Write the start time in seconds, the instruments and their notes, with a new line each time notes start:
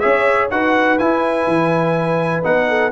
0.00 tuba C#4, trombone G#4, horn C#5, trumpet E5
0.51 tuba D#4, trombone F#4, horn B4, trumpet F#5
0.98 trombone E4, tuba E4, trumpet G#5
1.47 tuba E3
2.43 tuba B3, trombone D#4, trumpet F#5
2.69 horn A4